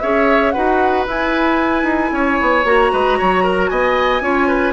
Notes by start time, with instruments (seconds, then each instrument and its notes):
0.00 bassoon C#4, clarinet G#4, oboe C#5, flute E5
0.51 bassoon D#4, clarinet F#4, oboe B4, flute F#5
1.07 bassoon E4, clarinet E4, flute G#5
1.84 bassoon D#4
2.12 bassoon C#4, oboe C#5
2.41 bassoon B3
2.64 bassoon A#3, clarinet F#4, flute A#5
2.92 bassoon G#3, oboe B4
3.18 bassoon F#3, oboe C#5
3.44 oboe A#4
3.68 bassoon B3, oboe D#5, flute G#5
4.21 bassoon C#4, clarinet F4, oboe C#5
4.48 oboe B4